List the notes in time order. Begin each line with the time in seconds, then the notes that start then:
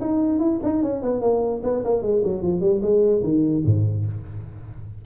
0.00 D#4
0.39 E4
0.63 D#4
0.82 C#4
1.02 B3
1.21 A#3
1.63 B3
1.84 A#3
2.02 G#3
2.24 F#3
2.41 F3
2.60 G3
2.82 G#3
3.23 D#3
3.65 G#2